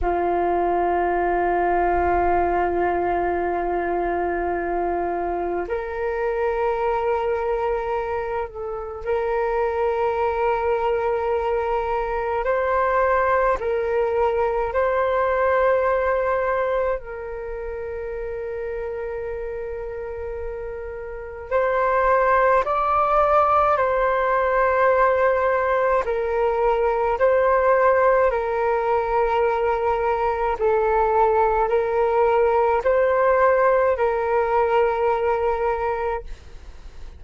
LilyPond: \new Staff \with { instrumentName = "flute" } { \time 4/4 \tempo 4 = 53 f'1~ | f'4 ais'2~ ais'8 a'8 | ais'2. c''4 | ais'4 c''2 ais'4~ |
ais'2. c''4 | d''4 c''2 ais'4 | c''4 ais'2 a'4 | ais'4 c''4 ais'2 | }